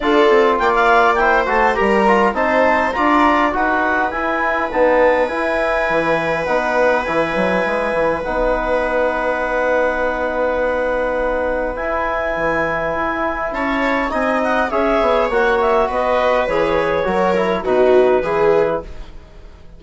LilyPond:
<<
  \new Staff \with { instrumentName = "clarinet" } { \time 4/4 \tempo 4 = 102 d''4 g''16 f''8. g''8 a''8 ais''4 | a''4 ais''4 fis''4 gis''4 | a''4 gis''2 fis''4 | gis''2 fis''2~ |
fis''1 | gis''2. a''4 | gis''8 fis''8 e''4 fis''8 e''8 dis''4 | cis''2 b'2 | }
  \new Staff \with { instrumentName = "viola" } { \time 4/4 a'4 d''4 c''4 ais'4 | c''4 d''4 b'2~ | b'1~ | b'1~ |
b'1~ | b'2. cis''4 | dis''4 cis''2 b'4~ | b'4 ais'4 fis'4 gis'4 | }
  \new Staff \with { instrumentName = "trombone" } { \time 4/4 f'2 e'8 fis'8 g'8 f'8 | dis'4 f'4 fis'4 e'4 | b4 e'2 dis'4 | e'2 dis'2~ |
dis'1 | e'1 | dis'4 gis'4 fis'2 | gis'4 fis'8 e'8 dis'4 e'4 | }
  \new Staff \with { instrumentName = "bassoon" } { \time 4/4 d'8 c'8 ais4. a8 g4 | c'4 d'4 dis'4 e'4 | dis'4 e'4 e4 b4 | e8 fis8 gis8 e8 b2~ |
b1 | e'4 e4 e'4 cis'4 | c'4 cis'8 b8 ais4 b4 | e4 fis4 b,4 e4 | }
>>